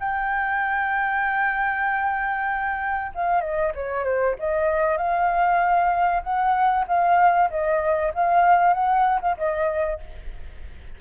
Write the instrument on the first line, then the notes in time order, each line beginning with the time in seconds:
flute
0.00 G5
3.15 F5
3.41 D#5
3.75 C#5
4.05 C5
4.39 D#5
4.98 F5
6.23 F#5
6.88 F5
7.51 D#5
8.14 F5
8.74 F#5
9.21 F5
9.38 D#5